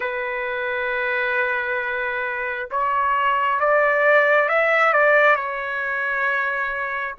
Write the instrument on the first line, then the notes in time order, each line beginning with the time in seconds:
trumpet
0.00 B4
2.71 C#5
3.59 D5
4.48 E5
4.93 D5
5.35 C#5